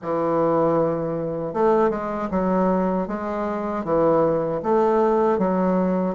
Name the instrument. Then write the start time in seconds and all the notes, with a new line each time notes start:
bassoon
0.01 E3
1.53 A3
1.90 G#3
2.30 F#3
3.07 G#3
3.84 E3
4.63 A3
5.38 F#3